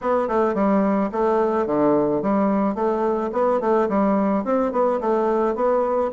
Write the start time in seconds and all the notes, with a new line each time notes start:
0.01 B3
0.28 A3
0.54 G3
1.12 A3
1.66 D3
2.22 G3
2.74 A3
3.32 B3
3.60 A3
3.88 G3
4.44 C4
4.72 B3
5.00 A3
5.55 B3